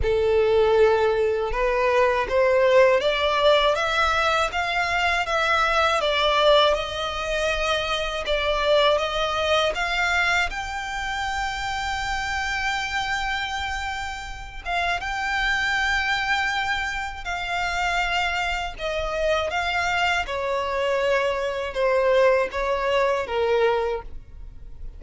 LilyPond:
\new Staff \with { instrumentName = "violin" } { \time 4/4 \tempo 4 = 80 a'2 b'4 c''4 | d''4 e''4 f''4 e''4 | d''4 dis''2 d''4 | dis''4 f''4 g''2~ |
g''2.~ g''8 f''8 | g''2. f''4~ | f''4 dis''4 f''4 cis''4~ | cis''4 c''4 cis''4 ais'4 | }